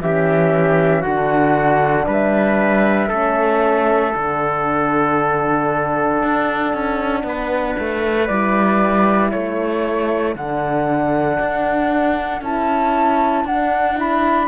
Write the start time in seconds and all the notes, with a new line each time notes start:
0.00 E3 C#4 G4 E5
1.01 D3 D4 F#4 F#5
2.06 G3 B4 E5
3.08 A3 C#4 A4
4.14 D3 D4 F#5
6.22 D4
6.73 C#4
7.23 B3 B4
7.79 A3
8.26 G3 E4 D5
9.31 A3 A4 C#5
10.35 D3 D4 F#5
11.39 D4
12.41 C#4 E4 A5
13.44 D4 F#5
13.95 E4 B5